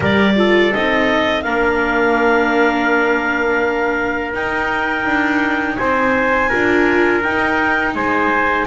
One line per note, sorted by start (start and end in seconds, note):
0.00 0.72 G3
0.00 0.36 G4
0.00 0.34 A#4
0.00 0.73 D5
0.36 0.72 F4
0.36 1.44 A4
0.73 1.44 C4
0.73 1.45 D#4
0.73 1.42 D#5
1.42 4.33 A#3
1.42 4.33 D4
1.42 5.78 A#4
1.42 4.31 F5
4.33 5.05 D#4
4.33 6.50 D#4
4.33 5.76 G5
5.05 5.77 D4
5.76 6.51 C4
5.76 6.49 C5
5.76 7.21 G#5
6.49 7.24 D4
6.49 7.23 F4
6.49 7.94 A#4
7.22 7.94 D#4
7.22 8.66 D#4
7.22 7.94 G5
7.94 8.66 G#3
7.94 8.66 C5
7.94 8.66 G#5